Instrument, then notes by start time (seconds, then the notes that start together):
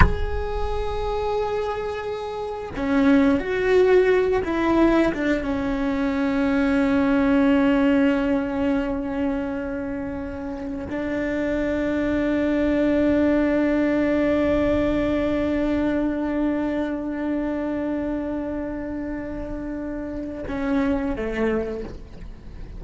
cello
0.00 G#4
2.76 C#4
3.39 F#4
4.44 E4
5.14 D4
5.42 C#4
10.89 D4
20.48 C#4
21.15 A3